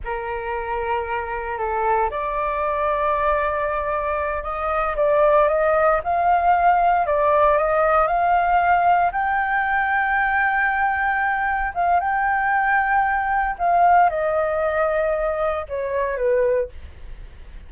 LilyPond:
\new Staff \with { instrumentName = "flute" } { \time 4/4 \tempo 4 = 115 ais'2. a'4 | d''1~ | d''8 dis''4 d''4 dis''4 f''8~ | f''4. d''4 dis''4 f''8~ |
f''4. g''2~ g''8~ | g''2~ g''8 f''8 g''4~ | g''2 f''4 dis''4~ | dis''2 cis''4 b'4 | }